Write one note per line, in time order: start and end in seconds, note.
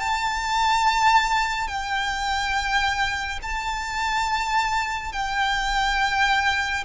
0.00 1.68 A5
1.68 3.40 G5
3.43 5.13 A5
5.13 6.85 G5